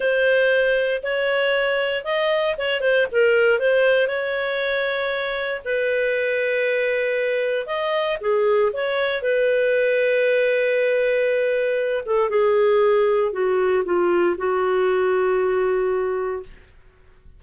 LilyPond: \new Staff \with { instrumentName = "clarinet" } { \time 4/4 \tempo 4 = 117 c''2 cis''2 | dis''4 cis''8 c''8 ais'4 c''4 | cis''2. b'4~ | b'2. dis''4 |
gis'4 cis''4 b'2~ | b'2.~ b'8 a'8 | gis'2 fis'4 f'4 | fis'1 | }